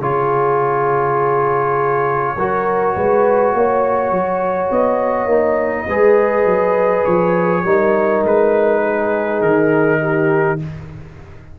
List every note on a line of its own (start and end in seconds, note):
0.00 2.36 C#3
0.00 2.36 F4
0.00 2.35 G#4
0.00 4.72 C#5
2.36 2.95 F#3
2.36 5.29 F#4
2.36 2.95 A#4
2.95 3.53 G#3
2.95 3.54 B4
3.53 4.11 A#3
3.53 5.87 C#5
4.11 4.69 F#3
4.71 5.26 B3
4.71 7.05 D#5
5.26 5.85 A#3
5.26 5.87 D#4
5.87 6.45 G#3
5.87 7.65 G#4
5.87 7.64 B4
6.45 7.04 F#3
7.05 7.64 F3
7.05 8.23 C#5
7.64 8.23 G3
7.64 10.59 D#4
7.64 8.82 A#4
8.24 9.41 G#3
8.24 9.41 B4
8.82 10.00 G#4
9.41 10.59 D#3
9.41 10.59 A#4
10.00 10.59 G4